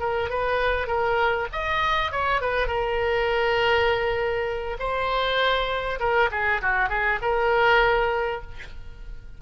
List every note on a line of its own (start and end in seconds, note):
0.00 0.30 A#4
0.30 0.88 B4
0.88 1.48 A#4
1.53 2.12 D#5
2.12 2.42 C#5
2.42 2.68 B4
2.68 4.78 A#4
4.79 5.99 C5
6.00 6.30 A#4
6.31 6.61 G#4
6.62 6.89 F#4
6.89 7.19 G#4
7.22 8.42 A#4